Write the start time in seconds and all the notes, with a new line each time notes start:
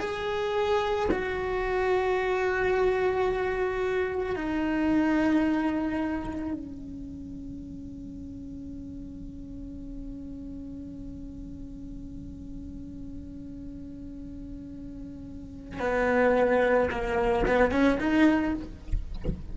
0.00 G#4
1.11 F#4
4.36 D#4
6.54 C#4
15.80 B3
16.91 A#3
17.46 B3
17.72 C#4
18.00 D#4